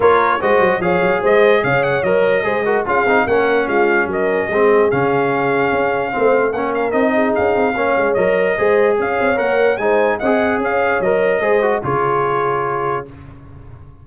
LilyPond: <<
  \new Staff \with { instrumentName = "trumpet" } { \time 4/4 \tempo 4 = 147 cis''4 dis''4 f''4 dis''4 | f''8 fis''8 dis''2 f''4 | fis''4 f''4 dis''2 | f''1 |
fis''8 f''8 dis''4 f''2 | dis''2 f''4 fis''4 | gis''4 fis''4 f''4 dis''4~ | dis''4 cis''2. | }
  \new Staff \with { instrumentName = "horn" } { \time 4/4 ais'4 c''4 cis''4 c''4 | cis''2 c''8 ais'8 gis'4 | ais'4 f'4 ais'4 gis'4~ | gis'2. c''4 |
ais'4. gis'4. cis''4~ | cis''4 c''4 cis''2 | c''4 dis''4 cis''2 | c''4 gis'2. | }
  \new Staff \with { instrumentName = "trombone" } { \time 4/4 f'4 fis'4 gis'2~ | gis'4 ais'4 gis'8 fis'8 f'8 dis'8 | cis'2. c'4 | cis'2. c'4 |
cis'4 dis'2 cis'4 | ais'4 gis'2 ais'4 | dis'4 gis'2 ais'4 | gis'8 fis'8 f'2. | }
  \new Staff \with { instrumentName = "tuba" } { \time 4/4 ais4 gis8 fis8 f8 fis8 gis4 | cis4 fis4 gis4 cis'8 c'8 | ais4 gis4 fis4 gis4 | cis2 cis'4 a4 |
ais4 c'4 cis'8 c'8 ais8 gis8 | fis4 gis4 cis'8 c'8 ais4 | gis4 c'4 cis'4 fis4 | gis4 cis2. | }
>>